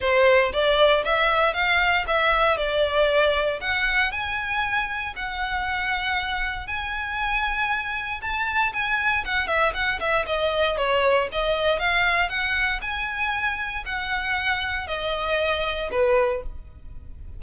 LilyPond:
\new Staff \with { instrumentName = "violin" } { \time 4/4 \tempo 4 = 117 c''4 d''4 e''4 f''4 | e''4 d''2 fis''4 | gis''2 fis''2~ | fis''4 gis''2. |
a''4 gis''4 fis''8 e''8 fis''8 e''8 | dis''4 cis''4 dis''4 f''4 | fis''4 gis''2 fis''4~ | fis''4 dis''2 b'4 | }